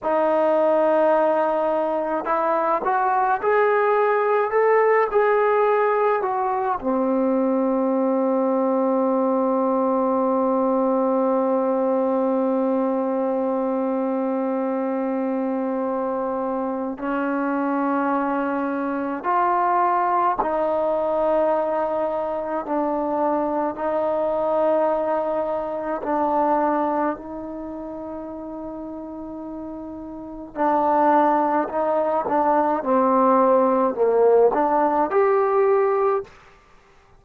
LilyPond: \new Staff \with { instrumentName = "trombone" } { \time 4/4 \tempo 4 = 53 dis'2 e'8 fis'8 gis'4 | a'8 gis'4 fis'8 c'2~ | c'1~ | c'2. cis'4~ |
cis'4 f'4 dis'2 | d'4 dis'2 d'4 | dis'2. d'4 | dis'8 d'8 c'4 ais8 d'8 g'4 | }